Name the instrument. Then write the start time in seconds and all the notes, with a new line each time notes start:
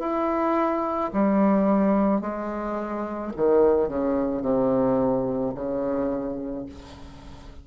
bassoon
0.00 E4
1.13 G3
2.21 G#3
3.36 D#3
3.88 C#3
4.42 C3
5.55 C#3